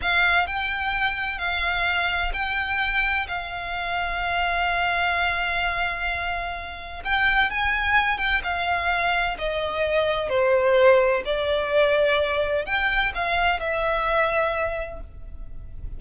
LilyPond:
\new Staff \with { instrumentName = "violin" } { \time 4/4 \tempo 4 = 128 f''4 g''2 f''4~ | f''4 g''2 f''4~ | f''1~ | f''2. g''4 |
gis''4. g''8 f''2 | dis''2 c''2 | d''2. g''4 | f''4 e''2. | }